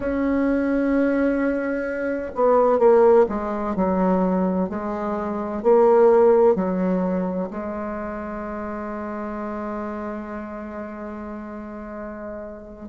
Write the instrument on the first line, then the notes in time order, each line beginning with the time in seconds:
bassoon
0.00 C#4
2.34 B3
2.79 A#3
3.29 G#3
3.75 F#3
4.69 G#3
5.62 A#3
6.55 F#3
7.50 G#3